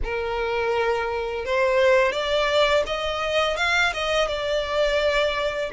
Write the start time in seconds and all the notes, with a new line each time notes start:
0.03 A#4
1.45 C5
2.12 D5
2.86 D#5
3.56 F5
3.93 D#5
4.27 D5